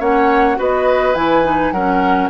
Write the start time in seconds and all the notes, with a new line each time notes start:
0.00 A#3 C#4 C#5 F#5
0.57 B3 F#4 B4 D#5
1.15 E3 E4 G#5
1.44 D#4
1.72 F#3 C#4 A#4 F#5